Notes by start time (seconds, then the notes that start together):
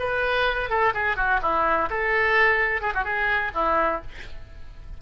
0.00 B4
0.70 A4
0.94 G#4
1.17 F#4
1.42 E4
1.90 A4
2.82 G#4
2.95 F#4
3.05 G#4
3.55 E4